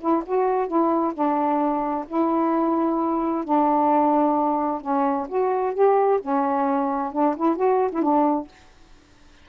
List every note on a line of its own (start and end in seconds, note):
0.00 0.23 E4
0.26 0.67 F#4
0.67 1.13 E4
1.14 2.05 D4
2.07 3.44 E4
3.44 4.81 D4
4.81 5.27 C#4
5.28 5.74 F#4
5.74 6.20 G4
6.21 7.12 C#4
7.12 7.35 D4
7.36 7.56 E4
7.56 7.90 F#4
7.92 8.02 E4
8.02 8.47 D4